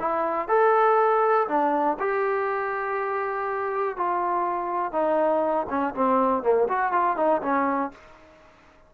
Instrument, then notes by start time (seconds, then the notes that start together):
trombone
0.00 E4
0.49 A4
1.48 D4
2.00 G4
3.97 F4
4.93 D#4
5.70 C#4
5.95 C4
6.43 A#3
6.69 F#4
6.92 F4
7.17 D#4
7.42 C#4